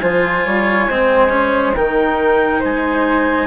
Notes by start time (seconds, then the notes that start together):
0.00 F3 F4 C5 G#5
0.45 G3 C#5
0.88 G#3 C4 C5
1.28 C#4
1.74 D#3 D#4 A#4 G5
2.59 G#3 C5 G#5